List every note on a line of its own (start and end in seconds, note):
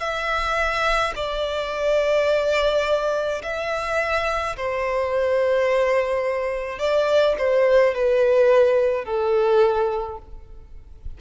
0.00 1.13 E5
1.16 3.42 D5
3.43 4.56 E5
4.56 6.79 C5
6.79 7.35 D5
7.38 7.95 C5
7.95 9.05 B4
9.05 10.18 A4